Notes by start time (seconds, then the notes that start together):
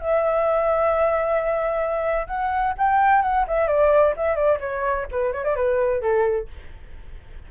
0.00 E5
2.27 F#5
2.78 G5
3.22 F#5
3.48 E5
3.68 D5
4.17 E5
4.36 D5
4.61 C#5
5.12 B4
5.33 C#5
5.45 D5
5.56 B4
6.02 A4